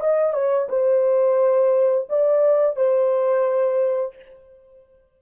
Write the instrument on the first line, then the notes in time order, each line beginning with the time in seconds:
horn
0.00 D#5
0.33 C#5
0.68 C5
2.09 D5
2.76 C5